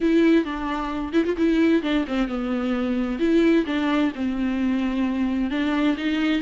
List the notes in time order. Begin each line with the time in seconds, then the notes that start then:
0.00 E4
0.44 D4
1.13 E4
1.24 F4
1.37 E4
1.82 D4
2.07 C4
2.28 B3
3.19 E4
3.66 D4
4.15 C4
5.50 D4
5.97 D#4